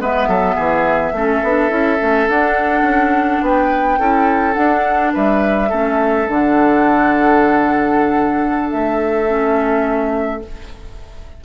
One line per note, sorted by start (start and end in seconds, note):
0.00 0.27 G#3
0.00 1.15 B3
0.00 0.28 B4
0.00 2.29 E5
0.27 0.56 F#3
0.27 0.55 A4
0.55 1.12 E3
0.55 1.12 G#4
1.12 1.41 A3
1.12 1.45 C#4
1.12 3.44 A4
1.43 1.70 B3
1.43 1.69 D4
1.69 1.98 C#4
1.69 1.98 E4
1.99 2.29 A3
1.99 2.27 C#4
2.29 2.82 D4
2.29 3.99 D4
2.29 3.43 F#5
2.82 3.40 C#4
3.42 3.99 B3
3.42 3.99 B4
3.42 4.54 G5
3.99 4.56 C#4
3.99 4.53 E4
3.99 5.13 A4
4.53 5.68 D4
4.53 5.13 D4
4.53 5.11 F#5
5.13 5.71 G3
5.13 5.69 B4
5.13 6.30 E5
5.69 6.29 A3
5.69 6.28 C#4
5.69 10.41 A4
6.28 8.72 D3
6.28 9.27 D4
6.28 8.70 F#5
8.70 10.44 A3
8.70 10.42 E5
9.27 10.42 C#4